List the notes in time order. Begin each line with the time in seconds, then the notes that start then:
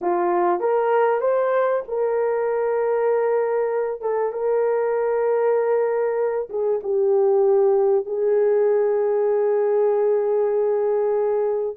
0.01 F4
0.60 A#4
1.20 C5
1.88 A#4
4.01 A4
4.32 A#4
6.49 G#4
6.83 G4
8.05 G#4